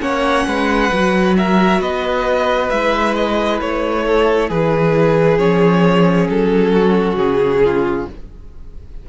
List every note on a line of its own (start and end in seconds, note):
0.00 0.46 A#3
0.00 0.90 C#4
0.00 0.47 C#5
0.00 1.35 F#5
0.47 0.91 G#3
0.47 1.37 B4
0.93 1.80 F#3
0.93 2.72 F#4
1.37 1.81 A#4
1.37 1.81 E5
1.80 2.70 B3
1.80 4.05 B4
1.80 2.70 D#5
2.70 3.61 G#3
2.70 5.38 E4
2.70 3.14 E5
3.15 3.60 D#5
3.60 4.50 A3
3.60 4.50 C#5
4.07 4.49 A4
4.49 5.39 E3
4.49 6.72 G#4
4.49 5.38 B4
5.38 6.28 F3
5.38 8.06 C#4
5.38 6.28 C#5
6.29 7.16 F#3
6.29 7.17 A4
6.72 7.62 F#4
7.16 8.06 C#3
7.16 8.07 G#4
7.64 8.09 F4